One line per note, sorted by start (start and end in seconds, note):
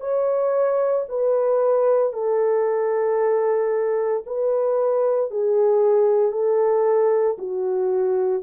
0.00 1.05 C#5
1.09 2.13 B4
2.13 4.23 A4
4.26 5.30 B4
5.30 6.32 G#4
6.32 7.37 A4
7.38 8.43 F#4